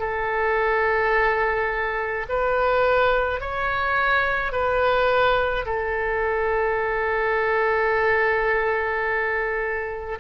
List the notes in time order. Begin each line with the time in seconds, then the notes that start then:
0.00 A4
2.29 B4
3.41 C#5
4.52 B4
5.66 A4